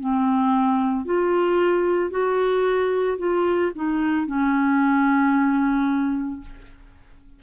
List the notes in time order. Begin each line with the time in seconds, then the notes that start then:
0.00 C4
1.05 F4
2.10 F#4
3.18 F4
3.75 D#4
4.27 C#4